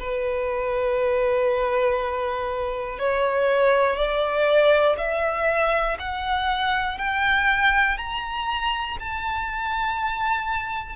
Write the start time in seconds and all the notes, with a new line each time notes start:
0.00 B4
2.99 C#5
3.96 D5
4.98 E5
6.00 F#5
6.98 G5
7.98 A#5
9.00 A5